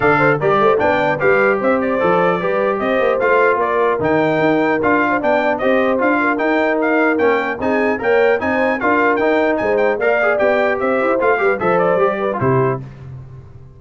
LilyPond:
<<
  \new Staff \with { instrumentName = "trumpet" } { \time 4/4 \tempo 4 = 150 f''4 d''4 g''4 f''4 | e''8 d''2~ d''8 dis''4 | f''4 d''4 g''2 | f''4 g''4 dis''4 f''4 |
g''4 f''4 g''4 gis''4 | g''4 gis''4 f''4 g''4 | gis''8 g''8 f''4 g''4 e''4 | f''4 e''8 d''4. c''4 | }
  \new Staff \with { instrumentName = "horn" } { \time 4/4 d''8 c''8 ais'8 c''8 d''4 b'4 | c''2 b'4 c''4~ | c''4 ais'2.~ | ais'8. c''16 d''4 c''4. ais'8~ |
ais'2. gis'4 | cis''4 c''4 ais'2 | c''4 d''2 c''4~ | c''8 b'8 c''4. b'8 g'4 | }
  \new Staff \with { instrumentName = "trombone" } { \time 4/4 a'4 g'4 d'4 g'4~ | g'4 a'4 g'2 | f'2 dis'2 | f'4 d'4 g'4 f'4 |
dis'2 cis'4 dis'4 | ais'4 dis'4 f'4 dis'4~ | dis'4 ais'8 gis'8 g'2 | f'8 g'8 a'4 g'8. f'16 e'4 | }
  \new Staff \with { instrumentName = "tuba" } { \time 4/4 d4 g8 a8 b4 g4 | c'4 f4 g4 c'8 ais8 | a4 ais4 dis4 dis'4 | d'4 b4 c'4 d'4 |
dis'2 ais4 c'4 | ais4 c'4 d'4 dis'4 | gis4 ais4 b4 c'8 e'8 | a8 g8 f4 g4 c4 | }
>>